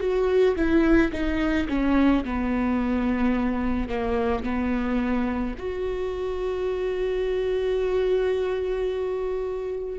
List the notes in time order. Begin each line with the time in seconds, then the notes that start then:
0.00 F#4
0.56 E4
1.12 D#4
1.68 C#4
2.24 B3
3.89 A#3
4.43 B3
5.58 F#4